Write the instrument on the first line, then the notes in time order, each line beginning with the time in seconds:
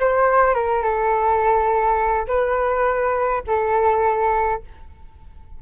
flute
0.00 C5
0.55 A#4
0.83 A4
2.28 B4
3.47 A4